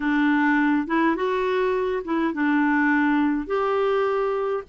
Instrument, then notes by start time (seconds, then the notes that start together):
clarinet
0.00 D4
0.87 E4
1.15 F#4
2.04 E4
2.33 D4
3.47 G4